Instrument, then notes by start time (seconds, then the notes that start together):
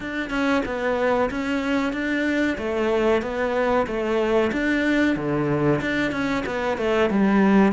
cello
0.00 D4
0.30 C#4
0.65 B3
1.30 C#4
1.92 D4
2.58 A3
3.21 B3
3.87 A3
4.52 D4
5.16 D3
5.81 D4
6.11 C#4
6.46 B3
6.77 A3
7.10 G3